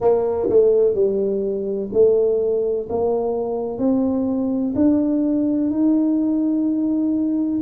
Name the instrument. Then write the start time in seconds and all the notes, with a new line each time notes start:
tuba
0.00 A#3
0.48 A3
0.94 G3
1.92 A3
2.89 A#3
3.78 C4
4.75 D4
5.70 D#4